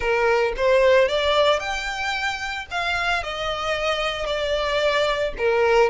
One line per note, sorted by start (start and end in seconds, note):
0.00 0.53 A#4
0.56 1.08 C5
1.08 1.59 D5
1.59 2.66 G5
2.71 3.23 F5
3.23 4.26 D#5
4.26 5.33 D5
5.37 5.89 A#4